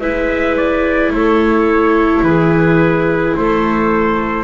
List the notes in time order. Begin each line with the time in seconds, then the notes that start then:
0.00 G#3 E4 B4 E5
0.56 D5
1.10 A3 A4 C#5
2.22 E3 G#4 B4
3.36 A3 A4 C5